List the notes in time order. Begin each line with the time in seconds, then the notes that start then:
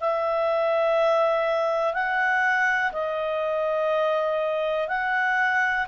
0.00 E5
1.93 F#5
2.92 D#5
4.88 F#5